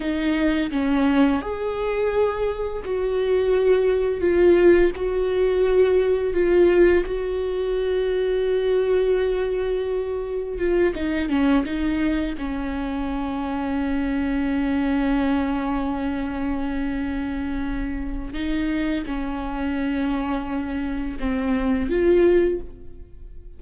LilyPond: \new Staff \with { instrumentName = "viola" } { \time 4/4 \tempo 4 = 85 dis'4 cis'4 gis'2 | fis'2 f'4 fis'4~ | fis'4 f'4 fis'2~ | fis'2. f'8 dis'8 |
cis'8 dis'4 cis'2~ cis'8~ | cis'1~ | cis'2 dis'4 cis'4~ | cis'2 c'4 f'4 | }